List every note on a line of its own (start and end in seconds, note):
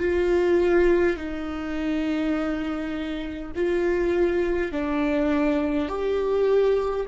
0.00 1.17 F4
1.17 3.52 D#4
3.56 4.72 F4
4.72 5.89 D4
5.89 7.06 G4